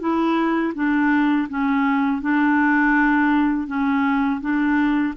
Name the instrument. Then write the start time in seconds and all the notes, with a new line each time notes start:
clarinet
0.00 E4
0.75 D4
1.50 C#4
2.22 D4
3.68 C#4
4.41 D4